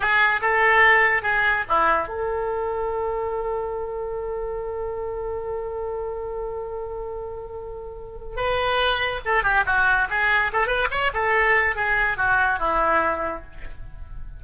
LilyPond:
\new Staff \with { instrumentName = "oboe" } { \time 4/4 \tempo 4 = 143 gis'4 a'2 gis'4 | e'4 a'2.~ | a'1~ | a'1~ |
a'1 | b'2 a'8 g'8 fis'4 | gis'4 a'8 b'8 cis''8 a'4. | gis'4 fis'4 e'2 | }